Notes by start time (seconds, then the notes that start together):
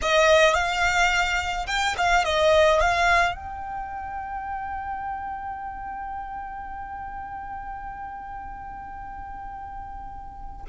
0.02 D#5
0.54 F5
1.67 G5
1.97 F5
2.24 D#5
2.80 F5
3.35 G5